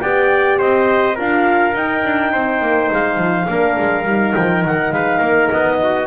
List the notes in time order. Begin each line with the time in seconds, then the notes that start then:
0.00 B3 G4 D5 G5
0.59 C4 C5 D#5
1.16 D4 F4 A#4 F5
1.74 D#4 G5
2.05 D4
2.32 C4 C5
2.61 A#3
2.92 G#3 F5
3.18 F3
3.47 A#3 D4 A#4
3.79 G#3
4.05 G3 D#4
4.34 F3 G5
4.65 D#3 F#5
4.91 G#3 B4 F5
5.18 A#3 A#4
5.50 B3 D#5
5.83 F#4